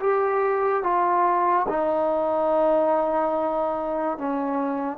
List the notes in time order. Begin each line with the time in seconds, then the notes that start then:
0.00 G4
0.83 F4
1.69 D#4
4.18 C#4